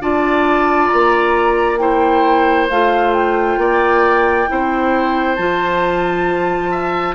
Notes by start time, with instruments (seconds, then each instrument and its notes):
0.00 bassoon D4, clarinet F4, oboe D5, flute A5
0.88 bassoon A#3, flute A#5
1.78 clarinet E4, oboe C5, flute G5
2.70 bassoon A3, clarinet F4, flute F5
3.13 flute G5
3.57 bassoon A#3, oboe D5
4.47 bassoon C4, clarinet E4, oboe C5
5.35 bassoon F3, clarinet F4, flute A5
6.71 oboe E5